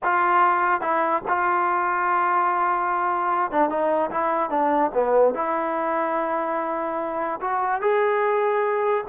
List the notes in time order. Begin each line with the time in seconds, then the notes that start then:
0.03 F4
0.81 E4
1.27 F4
3.51 D4
3.69 D#4
4.10 E4
4.50 D4
4.94 B3
5.34 E4
7.40 F#4
7.81 G#4